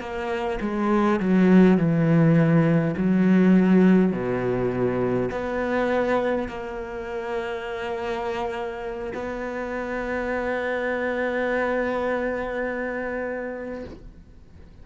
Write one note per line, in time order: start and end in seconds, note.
0.00 0.59 A#3
0.61 1.20 G#3
1.20 1.78 F#3
1.78 2.95 E3
2.97 4.12 F#3
4.12 5.30 B2
5.31 6.48 B3
6.48 9.13 A#3
9.14 13.84 B3